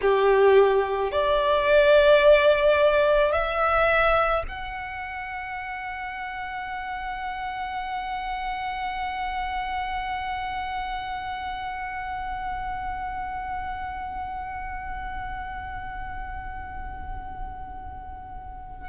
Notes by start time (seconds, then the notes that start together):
0.01 G4
1.11 D5
3.32 E5
4.47 F#5